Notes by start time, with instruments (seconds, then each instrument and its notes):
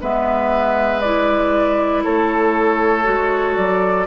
0.00 bassoon G#3, clarinet B3, oboe B4, flute E5
1.01 clarinet E4, flute D5
2.04 bassoon A3, oboe A4, flute C#5
3.03 bassoon G#3, clarinet F#4
3.56 bassoon F#3, flute D5